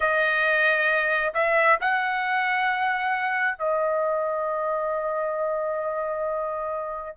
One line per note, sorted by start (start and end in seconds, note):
0.00 1.33 D#5
1.34 1.78 E5
1.80 3.58 F#5
3.58 7.16 D#5